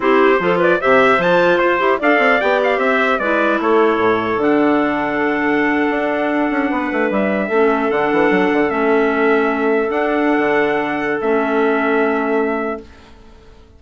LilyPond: <<
  \new Staff \with { instrumentName = "trumpet" } { \time 4/4 \tempo 4 = 150 c''4. d''8 e''4 a''4 | c''4 f''4 g''8 f''8 e''4 | d''4 cis''2 fis''4~ | fis''1~ |
fis''4.~ fis''16 e''2 fis''16~ | fis''4.~ fis''16 e''2~ e''16~ | e''8. fis''2.~ fis''16 | e''1 | }
  \new Staff \with { instrumentName = "clarinet" } { \time 4/4 g'4 a'8 b'8 c''2~ | c''4 d''2 c''4 | b'4 a'2.~ | a'1~ |
a'8. b'2 a'4~ a'16~ | a'1~ | a'1~ | a'1 | }
  \new Staff \with { instrumentName = "clarinet" } { \time 4/4 e'4 f'4 g'4 f'4~ | f'8 g'8 a'4 g'2 | e'2. d'4~ | d'1~ |
d'2~ d'8. cis'4 d'16~ | d'4.~ d'16 cis'2~ cis'16~ | cis'8. d'2.~ d'16 | cis'1 | }
  \new Staff \with { instrumentName = "bassoon" } { \time 4/4 c'4 f4 c4 f4 | f'8 e'8 d'8 c'8 b4 c'4 | gis4 a4 a,4 d4~ | d2~ d8. d'4~ d'16~ |
d'16 cis'8 b8 a8 g4 a4 d16~ | d16 e8 fis8 d8 a2~ a16~ | a8. d'4~ d'16 d2 | a1 | }
>>